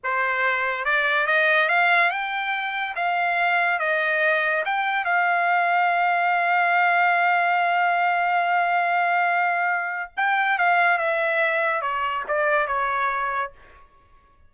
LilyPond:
\new Staff \with { instrumentName = "trumpet" } { \time 4/4 \tempo 4 = 142 c''2 d''4 dis''4 | f''4 g''2 f''4~ | f''4 dis''2 g''4 | f''1~ |
f''1~ | f''1 | g''4 f''4 e''2 | cis''4 d''4 cis''2 | }